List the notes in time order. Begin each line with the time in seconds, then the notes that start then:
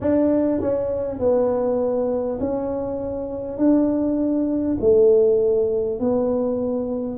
0.00 D4
0.60 C#4
1.19 B3
2.40 C#4
3.57 D4
4.80 A3
5.99 B3